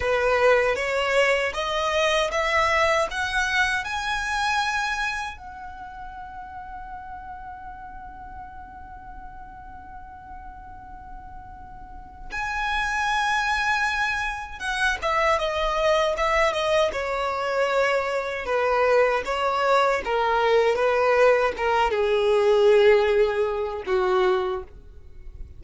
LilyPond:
\new Staff \with { instrumentName = "violin" } { \time 4/4 \tempo 4 = 78 b'4 cis''4 dis''4 e''4 | fis''4 gis''2 fis''4~ | fis''1~ | fis''1 |
gis''2. fis''8 e''8 | dis''4 e''8 dis''8 cis''2 | b'4 cis''4 ais'4 b'4 | ais'8 gis'2~ gis'8 fis'4 | }